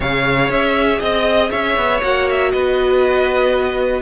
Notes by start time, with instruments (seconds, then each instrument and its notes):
0.00 cello C#3, viola G#4, violin C#5 F5
0.49 cello C#4, violin E5
0.98 cello C4, violin D#5
1.50 cello C#4, violin C#5 E5
1.77 cello B3
2.01 cello A#3, viola F#4, violin F#5
2.29 violin E5
2.51 cello B3, violin B4 D#5